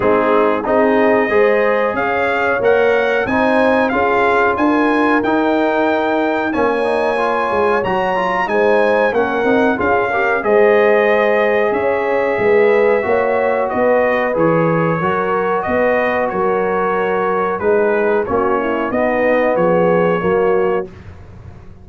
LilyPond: <<
  \new Staff \with { instrumentName = "trumpet" } { \time 4/4 \tempo 4 = 92 gis'4 dis''2 f''4 | fis''4 gis''4 f''4 gis''4 | g''2 gis''2 | ais''4 gis''4 fis''4 f''4 |
dis''2 e''2~ | e''4 dis''4 cis''2 | dis''4 cis''2 b'4 | cis''4 dis''4 cis''2 | }
  \new Staff \with { instrumentName = "horn" } { \time 4/4 dis'4 gis'4 c''4 cis''4~ | cis''4 c''4 gis'4 ais'4~ | ais'2 cis''2~ | cis''4 c''4 ais'4 gis'8 ais'8 |
c''2 cis''4 b'4 | cis''4 b'2 ais'4 | b'4 ais'2 gis'4 | fis'8 e'8 dis'4 gis'4 fis'4 | }
  \new Staff \with { instrumentName = "trombone" } { \time 4/4 c'4 dis'4 gis'2 | ais'4 dis'4 f'2 | dis'2 cis'8 dis'8 f'4 | fis'8 f'8 dis'4 cis'8 dis'8 f'8 g'8 |
gis'1 | fis'2 gis'4 fis'4~ | fis'2. dis'4 | cis'4 b2 ais4 | }
  \new Staff \with { instrumentName = "tuba" } { \time 4/4 gis4 c'4 gis4 cis'4 | ais4 c'4 cis'4 d'4 | dis'2 ais4. gis8 | fis4 gis4 ais8 c'8 cis'4 |
gis2 cis'4 gis4 | ais4 b4 e4 fis4 | b4 fis2 gis4 | ais4 b4 f4 fis4 | }
>>